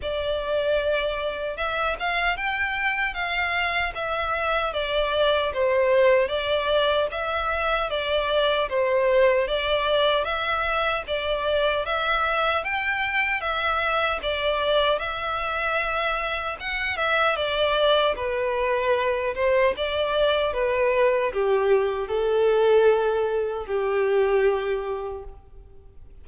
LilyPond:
\new Staff \with { instrumentName = "violin" } { \time 4/4 \tempo 4 = 76 d''2 e''8 f''8 g''4 | f''4 e''4 d''4 c''4 | d''4 e''4 d''4 c''4 | d''4 e''4 d''4 e''4 |
g''4 e''4 d''4 e''4~ | e''4 fis''8 e''8 d''4 b'4~ | b'8 c''8 d''4 b'4 g'4 | a'2 g'2 | }